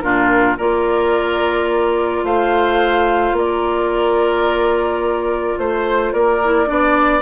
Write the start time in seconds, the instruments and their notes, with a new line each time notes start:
0.00 bassoon A#2, clarinet D4, oboe F4, flute A#4
0.57 bassoon A#3, clarinet F4, oboe A#4, flute D5
2.23 bassoon A3, oboe C5, flute F5
3.32 bassoon A#3, oboe A#4, flute D5
5.58 bassoon A3, flute C5, oboe C5
6.13 bassoon A#3, oboe A#4, flute D5
6.44 clarinet E4
6.66 bassoon B3, clarinet D4, oboe D5